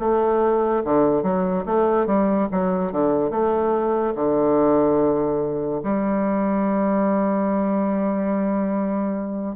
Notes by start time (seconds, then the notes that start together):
0.00 A3
0.84 D3
1.23 F#3
1.66 A3
2.07 G3
2.52 F#3
2.92 D3
3.31 A3
4.16 D3
5.83 G3